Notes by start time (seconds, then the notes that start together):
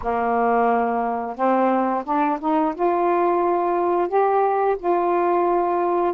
0.02 A#3
1.35 C4
2.05 D4
2.40 D#4
2.75 F4
4.08 G4
4.78 F4